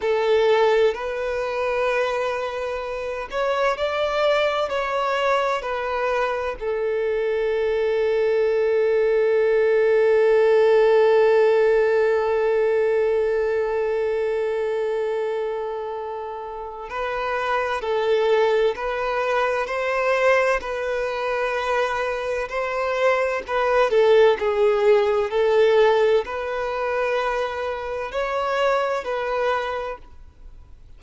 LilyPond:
\new Staff \with { instrumentName = "violin" } { \time 4/4 \tempo 4 = 64 a'4 b'2~ b'8 cis''8 | d''4 cis''4 b'4 a'4~ | a'1~ | a'1~ |
a'2 b'4 a'4 | b'4 c''4 b'2 | c''4 b'8 a'8 gis'4 a'4 | b'2 cis''4 b'4 | }